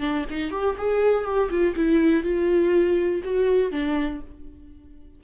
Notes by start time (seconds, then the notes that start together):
0.00 D4
0.30 D#4
0.51 G4
0.78 G#4
1.25 G4
1.50 F4
1.76 E4
2.23 F4
3.24 F#4
3.71 D4